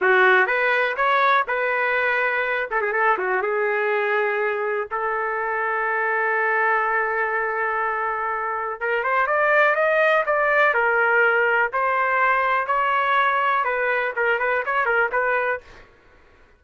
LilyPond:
\new Staff \with { instrumentName = "trumpet" } { \time 4/4 \tempo 4 = 123 fis'4 b'4 cis''4 b'4~ | b'4. a'16 gis'16 a'8 fis'8 gis'4~ | gis'2 a'2~ | a'1~ |
a'2 ais'8 c''8 d''4 | dis''4 d''4 ais'2 | c''2 cis''2 | b'4 ais'8 b'8 cis''8 ais'8 b'4 | }